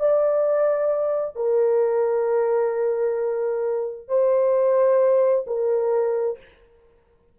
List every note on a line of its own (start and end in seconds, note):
0.00 1.36 D5
1.36 4.08 A#4
4.08 5.45 C5
5.47 6.39 A#4